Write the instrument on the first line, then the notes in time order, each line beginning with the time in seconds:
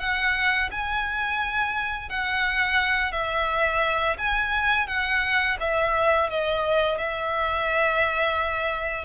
violin
0.00 F#5
0.71 G#5
2.10 F#5
3.12 E5
4.18 G#5
4.87 F#5
5.60 E5
6.30 D#5
6.98 E5